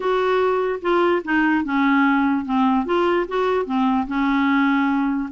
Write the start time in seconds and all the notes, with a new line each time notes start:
0.00 F#4
0.81 F4
1.24 D#4
1.64 C#4
2.45 C4
2.85 F4
3.27 F#4
3.65 C4
4.07 C#4